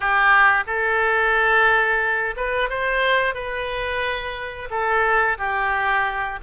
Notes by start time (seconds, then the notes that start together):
0.00 G4
0.66 A4
2.36 B4
2.69 C5
3.34 B4
4.70 A4
5.37 G4